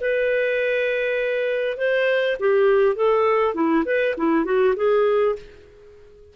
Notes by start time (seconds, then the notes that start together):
0.00 B4
1.77 C5
2.39 G4
2.95 A4
3.54 E4
3.85 B4
4.17 E4
4.44 F#4
4.76 G#4